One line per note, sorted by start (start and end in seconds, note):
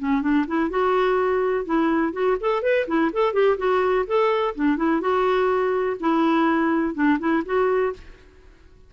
0.00 0.22 C#4
0.22 0.46 D4
0.48 0.70 E4
0.70 1.66 F#4
1.66 2.13 E4
2.13 2.37 F#4
2.41 2.63 A4
2.63 2.87 B4
2.88 3.12 E4
3.13 3.34 A4
3.34 3.58 G4
3.58 4.06 F#4
4.07 4.55 A4
4.56 4.77 D4
4.77 5.01 E4
5.01 5.97 F#4
6.00 6.95 E4
6.95 7.19 D4
7.20 7.44 E4
7.46 7.94 F#4